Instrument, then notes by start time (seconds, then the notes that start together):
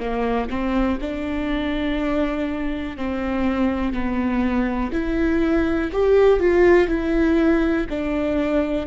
viola
0.00 A#3
0.50 C4
1.01 D4
2.97 C4
3.93 B3
4.93 E4
5.93 G4
6.40 F4
6.89 E4
7.90 D4